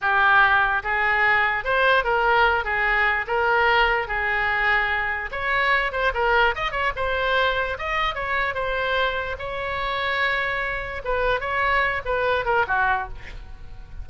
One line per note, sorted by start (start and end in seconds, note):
0.01 0.82 G4
0.83 1.64 G#4
1.64 2.04 C5
2.04 2.64 A#4
2.64 3.25 G#4
3.27 4.07 A#4
4.07 5.30 G#4
5.31 5.92 C#5
5.92 6.12 C5
6.14 6.54 A#4
6.55 6.71 D#5
6.71 6.92 C#5
6.95 7.77 C5
7.78 8.14 D#5
8.14 8.54 C#5
8.54 9.36 C5
9.38 11.01 C#5
11.04 11.40 B4
11.40 12.01 C#5
12.05 12.45 B4
12.45 12.65 A#4
12.67 13.08 F#4